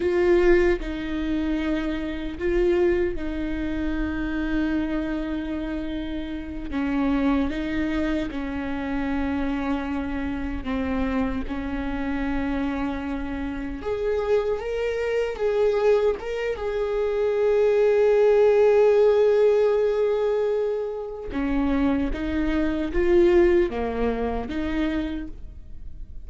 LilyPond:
\new Staff \with { instrumentName = "viola" } { \time 4/4 \tempo 4 = 76 f'4 dis'2 f'4 | dis'1~ | dis'8 cis'4 dis'4 cis'4.~ | cis'4. c'4 cis'4.~ |
cis'4. gis'4 ais'4 gis'8~ | gis'8 ais'8 gis'2.~ | gis'2. cis'4 | dis'4 f'4 ais4 dis'4 | }